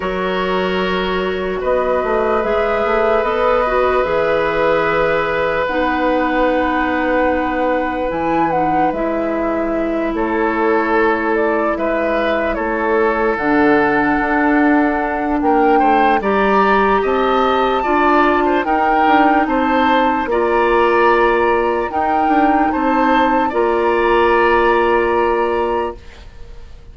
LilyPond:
<<
  \new Staff \with { instrumentName = "flute" } { \time 4/4 \tempo 4 = 74 cis''2 dis''4 e''4 | dis''4 e''2 fis''4~ | fis''2 gis''8 fis''8 e''4~ | e''8 cis''4. d''8 e''4 cis''8~ |
cis''8 fis''2~ fis''8 g''4 | ais''4 a''2 g''4 | a''4 ais''2 g''4 | a''4 ais''2. | }
  \new Staff \with { instrumentName = "oboe" } { \time 4/4 ais'2 b'2~ | b'1~ | b'1~ | b'8 a'2 b'4 a'8~ |
a'2. ais'8 c''8 | d''4 dis''4 d''8. c''16 ais'4 | c''4 d''2 ais'4 | c''4 d''2. | }
  \new Staff \with { instrumentName = "clarinet" } { \time 4/4 fis'2. gis'4 | a'8 fis'8 gis'2 dis'4~ | dis'2 e'8 dis'8 e'4~ | e'1~ |
e'8 d'2.~ d'8 | g'2 f'4 dis'4~ | dis'4 f'2 dis'4~ | dis'4 f'2. | }
  \new Staff \with { instrumentName = "bassoon" } { \time 4/4 fis2 b8 a8 gis8 a8 | b4 e2 b4~ | b2 e4 gis4~ | gis8 a2 gis4 a8~ |
a8 d4 d'4. ais8 a8 | g4 c'4 d'4 dis'8 d'8 | c'4 ais2 dis'8 d'8 | c'4 ais2. | }
>>